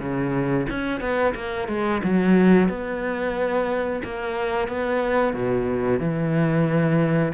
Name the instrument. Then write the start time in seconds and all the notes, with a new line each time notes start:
cello
0.00 C#3
0.70 C#4
1.00 B3
1.35 A#3
1.68 G#3
2.04 F#3
2.69 B3
4.04 A#3
4.68 B3
5.34 B2
6.00 E3